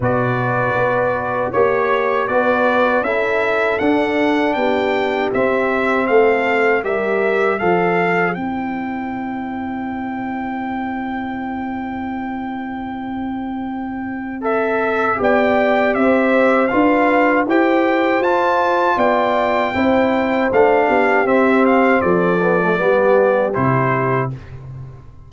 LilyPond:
<<
  \new Staff \with { instrumentName = "trumpet" } { \time 4/4 \tempo 4 = 79 d''2 cis''4 d''4 | e''4 fis''4 g''4 e''4 | f''4 e''4 f''4 g''4~ | g''1~ |
g''2. e''4 | g''4 e''4 f''4 g''4 | a''4 g''2 f''4 | e''8 f''8 d''2 c''4 | }
  \new Staff \with { instrumentName = "horn" } { \time 4/4 b'2 cis''4 b'4 | a'2 g'2 | a'4 ais'4 c''2~ | c''1~ |
c''1 | d''4 c''4 b'4 c''4~ | c''4 d''4 c''4. g'8~ | g'4 a'4 g'2 | }
  \new Staff \with { instrumentName = "trombone" } { \time 4/4 fis'2 g'4 fis'4 | e'4 d'2 c'4~ | c'4 g'4 a'4 e'4~ | e'1~ |
e'2. a'4 | g'2 f'4 g'4 | f'2 e'4 d'4 | c'4. b16 a16 b4 e'4 | }
  \new Staff \with { instrumentName = "tuba" } { \time 4/4 b,4 b4 ais4 b4 | cis'4 d'4 b4 c'4 | a4 g4 f4 c'4~ | c'1~ |
c'1 | b4 c'4 d'4 e'4 | f'4 b4 c'4 a8 b8 | c'4 f4 g4 c4 | }
>>